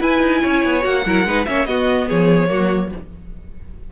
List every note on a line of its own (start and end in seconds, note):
0.00 0.81 E4
0.00 0.21 E4
0.00 0.41 B4
0.00 0.84 G#5
0.21 0.41 D#4
0.42 0.66 C#4
0.42 1.04 C#5
0.66 0.86 B3
0.81 1.06 A#3
0.81 1.02 F#4
0.81 1.46 F#5
1.06 1.25 F#3
1.06 1.27 E4
1.06 1.27 A#4
1.25 1.46 G#3
1.25 1.47 D#4
1.25 1.47 B4
1.46 1.66 A#3
1.46 1.68 C#4
1.46 1.68 C#5
1.46 1.66 E5
1.66 2.07 B3
1.66 2.48 B3
1.66 2.08 F#4
1.66 2.08 D#5
2.08 2.51 F3
2.08 2.50 G#4
2.08 2.92 C#5
2.48 2.92 F#3
2.48 2.90 A#3
2.48 2.91 F#4